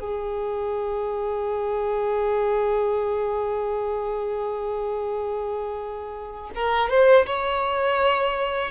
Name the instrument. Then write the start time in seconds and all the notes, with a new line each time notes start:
violin
0.00 G#4
6.55 A#4
6.90 C5
7.27 C#5